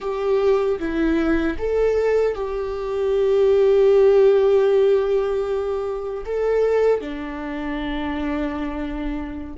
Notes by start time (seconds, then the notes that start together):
0.00 G4
0.79 E4
1.58 A4
2.34 G4
6.25 A4
7.01 D4